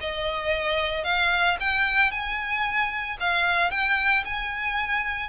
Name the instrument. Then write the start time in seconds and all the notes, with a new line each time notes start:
violin
0.00 D#5
1.04 F5
1.60 G5
2.11 G#5
3.20 F5
3.70 G5
4.24 G#5